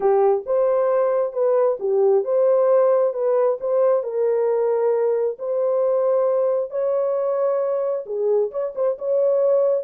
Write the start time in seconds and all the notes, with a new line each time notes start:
0.00 G4
0.46 C5
1.32 B4
1.79 G4
2.24 C5
3.13 B4
3.60 C5
4.03 A#4
5.38 C5
6.70 C#5
8.06 G#4
8.51 C#5
8.75 C5
8.98 C#5